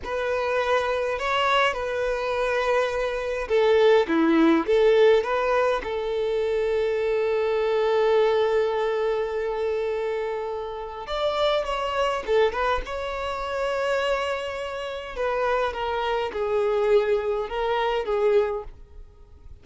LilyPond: \new Staff \with { instrumentName = "violin" } { \time 4/4 \tempo 4 = 103 b'2 cis''4 b'4~ | b'2 a'4 e'4 | a'4 b'4 a'2~ | a'1~ |
a'2. d''4 | cis''4 a'8 b'8 cis''2~ | cis''2 b'4 ais'4 | gis'2 ais'4 gis'4 | }